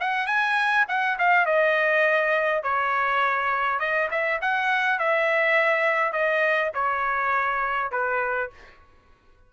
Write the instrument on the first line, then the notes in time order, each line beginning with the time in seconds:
trumpet
0.00 F#5
0.26 G#5
0.88 F#5
1.18 F5
1.46 D#5
2.63 C#5
3.79 D#5
4.11 E5
4.41 F#5
4.99 E5
6.13 D#5
6.74 C#5
7.91 B4